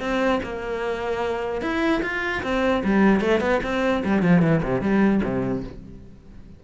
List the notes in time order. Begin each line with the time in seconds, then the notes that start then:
0.00 C4
0.43 A#3
1.61 E4
2.02 F4
2.43 C4
2.84 G3
3.21 A3
3.40 B3
3.63 C4
4.05 G3
4.22 F3
4.42 E3
4.63 C3
4.81 G3
5.24 C3